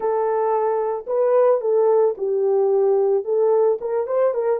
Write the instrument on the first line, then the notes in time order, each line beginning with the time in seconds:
horn
0.00 A4
1.07 B4
1.60 A4
2.17 G4
3.24 A4
3.81 A#4
4.06 C5
4.34 A#4